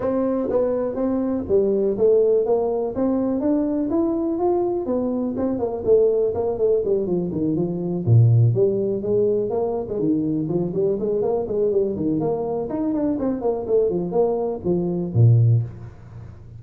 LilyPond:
\new Staff \with { instrumentName = "tuba" } { \time 4/4 \tempo 4 = 123 c'4 b4 c'4 g4 | a4 ais4 c'4 d'4 | e'4 f'4 b4 c'8 ais8 | a4 ais8 a8 g8 f8 dis8 f8~ |
f8 ais,4 g4 gis4 ais8~ | ais16 gis16 dis4 f8 g8 gis8 ais8 gis8 | g8 dis8 ais4 dis'8 d'8 c'8 ais8 | a8 f8 ais4 f4 ais,4 | }